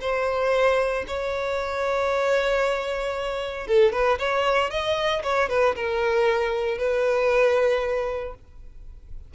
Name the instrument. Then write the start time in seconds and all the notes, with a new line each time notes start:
violin
0.00 C5
1.07 C#5
3.67 A4
3.92 B4
4.19 C#5
4.70 D#5
5.23 C#5
5.49 B4
5.75 A#4
6.78 B4